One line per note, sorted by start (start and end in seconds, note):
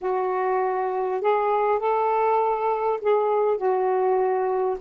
0.01 1.21 F#4
1.21 1.79 G#4
1.79 2.99 A4
3.01 3.57 G#4
3.57 4.77 F#4